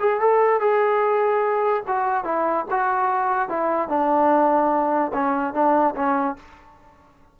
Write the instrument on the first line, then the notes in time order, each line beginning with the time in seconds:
trombone
0.00 G#4
0.21 A4
0.60 G#4
1.88 F#4
2.25 E4
2.71 F#4
3.49 E4
3.89 D4
5.14 C#4
5.54 D4
5.96 C#4